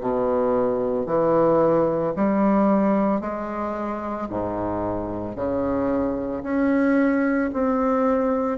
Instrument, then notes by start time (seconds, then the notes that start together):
bassoon
0.00 B2
1.06 E3
2.16 G3
3.20 G#3
4.29 G#2
5.35 C#3
6.43 C#4
7.53 C4